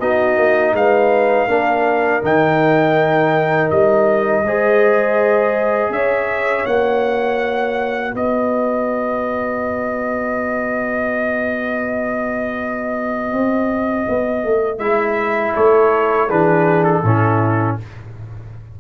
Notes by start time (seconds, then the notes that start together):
0.00 B3 D#4 F#4 D#5
0.38 A#3
0.73 G#3 B4 F5
1.48 A#3 D4 A#4
2.22 D#3 D#4 G5
3.71 G3 D#5
4.43 G#3 G#4 C5
5.90 C#4 C#5 E5
6.66 A#3 F#4 F#5
8.15 B3 B4 D#5
13.33 C4
14.09 B3
14.44 A3
14.79 G#3 E4 E5
15.55 A3 A4 C#5
16.28 E3 D4 G#4 B4
16.84 A4
17.04 A2 C#4 E4